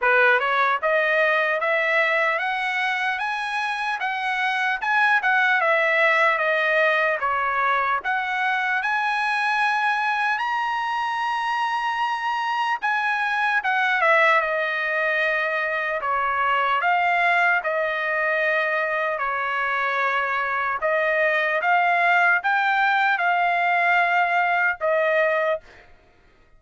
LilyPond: \new Staff \with { instrumentName = "trumpet" } { \time 4/4 \tempo 4 = 75 b'8 cis''8 dis''4 e''4 fis''4 | gis''4 fis''4 gis''8 fis''8 e''4 | dis''4 cis''4 fis''4 gis''4~ | gis''4 ais''2. |
gis''4 fis''8 e''8 dis''2 | cis''4 f''4 dis''2 | cis''2 dis''4 f''4 | g''4 f''2 dis''4 | }